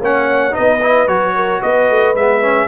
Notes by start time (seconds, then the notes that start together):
0.00 A#3 C#4 C#5 F#5
0.51 D#4 B4 D#5
0.58 B3
0.81 E4
1.07 F#3 F#4 C#5
1.35 A#4
1.60 B3 B4 D#5
1.90 A3
2.15 G#3 B3 E5
2.42 C#4